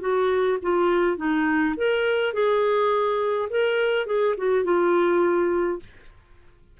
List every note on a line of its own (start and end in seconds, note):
0.00 0.58 F#4
0.62 1.17 F4
1.17 1.75 D#4
1.76 2.33 A#4
2.33 3.49 G#4
3.50 4.06 A#4
4.06 4.35 G#4
4.37 4.64 F#4
4.64 5.79 F4